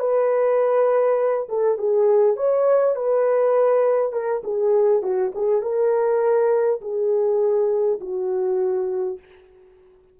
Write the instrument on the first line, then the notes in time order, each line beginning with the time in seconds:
horn
0.00 B4
1.49 A4
1.78 G#4
2.37 C#5
2.96 B4
4.13 A#4
4.44 G#4
5.03 F#4
5.35 G#4
5.62 A#4
6.82 G#4
8.01 F#4